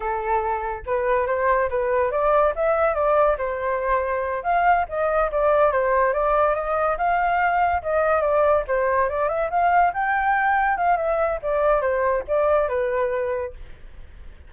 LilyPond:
\new Staff \with { instrumentName = "flute" } { \time 4/4 \tempo 4 = 142 a'2 b'4 c''4 | b'4 d''4 e''4 d''4 | c''2~ c''8 f''4 dis''8~ | dis''8 d''4 c''4 d''4 dis''8~ |
dis''8 f''2 dis''4 d''8~ | d''8 c''4 d''8 e''8 f''4 g''8~ | g''4. f''8 e''4 d''4 | c''4 d''4 b'2 | }